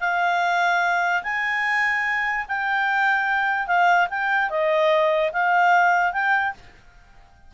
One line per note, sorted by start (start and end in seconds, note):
0.00 1.22 F5
1.23 2.45 G#5
2.48 3.67 G5
3.67 4.08 F5
4.10 4.50 G5
4.50 5.32 D#5
5.32 6.13 F5
6.13 6.53 G5